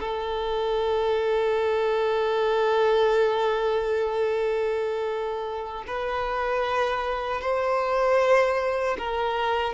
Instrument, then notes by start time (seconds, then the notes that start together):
violin
0.00 A4
5.87 B4
7.41 C5
8.98 A#4